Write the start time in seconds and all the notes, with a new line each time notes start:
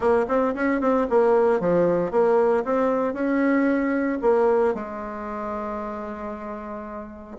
0.00 A#3
0.28 C4
0.55 C#4
0.80 C4
1.09 A#3
1.59 F3
2.11 A#3
2.64 C4
3.13 C#4
4.21 A#3
4.74 G#3